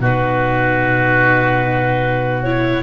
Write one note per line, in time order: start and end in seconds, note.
0.00 2.84 B2
0.00 2.45 D#4
0.00 2.84 F#4
0.00 2.43 B4
2.43 2.84 E4
2.43 2.84 C#5